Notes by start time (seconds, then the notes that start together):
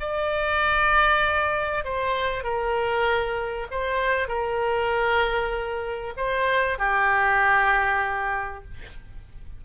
0.00 D5
1.84 C5
2.44 A#4
3.71 C5
4.28 A#4
6.17 C5
6.79 G4